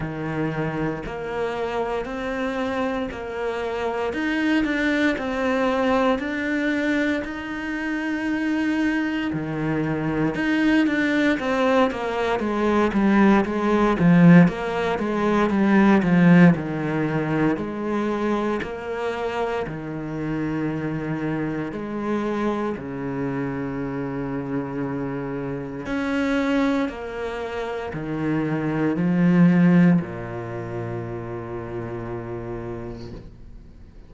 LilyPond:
\new Staff \with { instrumentName = "cello" } { \time 4/4 \tempo 4 = 58 dis4 ais4 c'4 ais4 | dis'8 d'8 c'4 d'4 dis'4~ | dis'4 dis4 dis'8 d'8 c'8 ais8 | gis8 g8 gis8 f8 ais8 gis8 g8 f8 |
dis4 gis4 ais4 dis4~ | dis4 gis4 cis2~ | cis4 cis'4 ais4 dis4 | f4 ais,2. | }